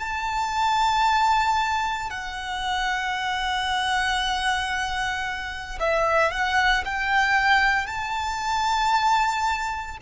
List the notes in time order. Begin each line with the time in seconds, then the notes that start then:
0.00 A5
2.11 F#5
5.80 E5
6.32 F#5
6.85 G5
7.87 A5